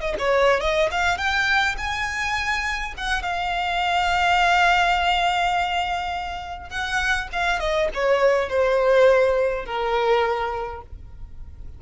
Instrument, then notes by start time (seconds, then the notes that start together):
violin
0.00 D#5
0.19 C#5
0.60 D#5
0.91 F5
1.17 G5
1.77 G#5
2.97 F#5
3.22 F5
6.69 F#5
7.32 F5
7.59 D#5
7.94 C#5
8.49 C5
9.65 A#4